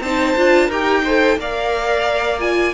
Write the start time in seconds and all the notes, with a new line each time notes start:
0.00 C4 D#4 C5 A5
0.36 D4 F4
0.67 D#4 G4 A#4 G5
1.03 A4 C5
1.37 A#3 A#4 D5 F5
2.39 F4 G#5